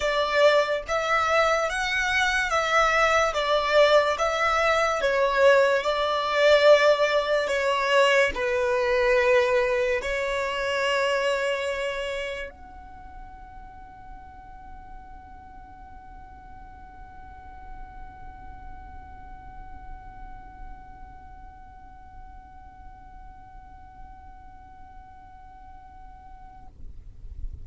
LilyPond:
\new Staff \with { instrumentName = "violin" } { \time 4/4 \tempo 4 = 72 d''4 e''4 fis''4 e''4 | d''4 e''4 cis''4 d''4~ | d''4 cis''4 b'2 | cis''2. fis''4~ |
fis''1~ | fis''1~ | fis''1~ | fis''1 | }